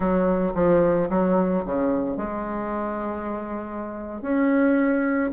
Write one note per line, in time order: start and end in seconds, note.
0.00 0.53 F#3
0.54 1.09 F3
1.09 1.64 F#3
1.65 2.16 C#3
2.16 4.21 G#3
4.21 5.30 C#4